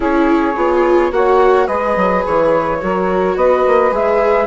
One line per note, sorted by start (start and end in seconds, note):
0.00 0.55 C#4
0.00 0.54 E4
0.00 1.10 G#4
0.00 1.12 C#5
0.55 1.11 B3
0.55 1.11 F4
1.11 1.67 A#3
1.11 1.67 F#4
1.11 1.65 C#5
1.11 1.67 F#5
1.65 1.96 G#3
1.65 2.79 G#4
1.65 2.78 B4
1.65 2.23 D#5
1.96 2.24 F#3
2.26 2.82 E3
2.26 3.37 C#5
2.81 3.36 F#3
2.81 3.91 F#4
2.81 3.36 A#4
3.36 3.64 B3
3.36 4.46 B4
3.36 3.93 D#5
3.66 3.91 A#3
3.91 4.46 G#3
3.91 4.46 G#4
3.91 4.46 E5